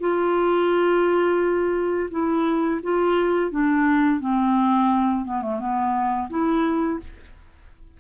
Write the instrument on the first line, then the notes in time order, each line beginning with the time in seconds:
clarinet
0.00 F4
2.11 E4
2.83 F4
3.51 D4
4.20 C4
5.25 B3
5.42 A3
5.59 B3
6.30 E4